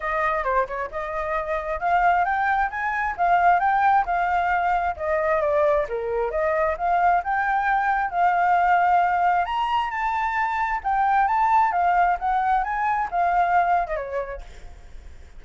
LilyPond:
\new Staff \with { instrumentName = "flute" } { \time 4/4 \tempo 4 = 133 dis''4 c''8 cis''8 dis''2 | f''4 g''4 gis''4 f''4 | g''4 f''2 dis''4 | d''4 ais'4 dis''4 f''4 |
g''2 f''2~ | f''4 ais''4 a''2 | g''4 a''4 f''4 fis''4 | gis''4 f''4.~ f''16 dis''16 cis''4 | }